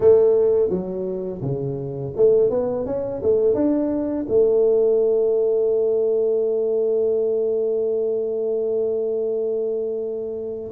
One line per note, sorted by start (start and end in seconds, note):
0.00 0.69 A3
0.69 1.41 F#3
1.41 2.13 C#3
2.16 2.50 A3
2.50 2.85 B3
2.86 3.21 C#4
3.22 3.54 A3
3.54 4.25 D4
4.28 10.71 A3